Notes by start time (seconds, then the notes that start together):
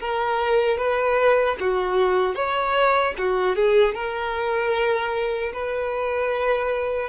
0.00 A#4
0.78 B4
1.60 F#4
2.35 C#5
3.18 F#4
3.56 G#4
3.94 A#4
5.53 B4